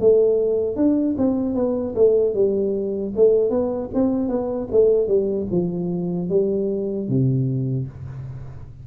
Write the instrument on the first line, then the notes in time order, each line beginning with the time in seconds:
tuba
0.00 A3
0.76 D4
1.18 C4
1.55 B3
1.95 A3
2.34 G3
3.16 A3
3.50 B3
3.94 C4
4.28 B3
4.72 A3
5.07 G3
5.51 F3
6.29 G3
7.08 C3